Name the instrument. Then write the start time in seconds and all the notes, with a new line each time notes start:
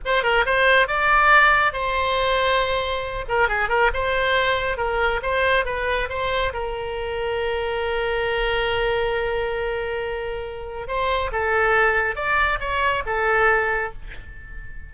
oboe
0.05 C5
0.23 A#4
0.45 C5
0.87 D5
1.73 C5
3.28 A#4
3.48 G#4
3.69 A#4
3.93 C5
4.77 A#4
5.22 C5
5.65 B4
6.09 C5
6.53 A#4
10.87 C5
11.32 A4
12.15 D5
12.59 C#5
13.06 A4